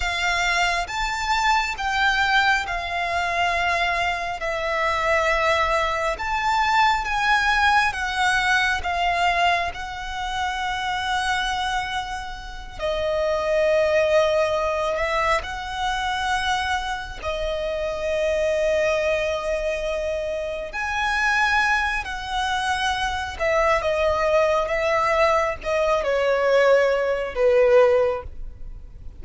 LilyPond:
\new Staff \with { instrumentName = "violin" } { \time 4/4 \tempo 4 = 68 f''4 a''4 g''4 f''4~ | f''4 e''2 a''4 | gis''4 fis''4 f''4 fis''4~ | fis''2~ fis''8 dis''4.~ |
dis''4 e''8 fis''2 dis''8~ | dis''2.~ dis''8 gis''8~ | gis''4 fis''4. e''8 dis''4 | e''4 dis''8 cis''4. b'4 | }